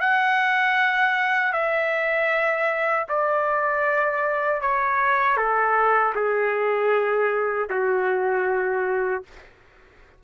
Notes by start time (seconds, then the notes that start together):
0.00 F#5
1.52 E5
3.08 D5
4.61 C#5
5.37 A4
6.15 G#4
7.70 F#4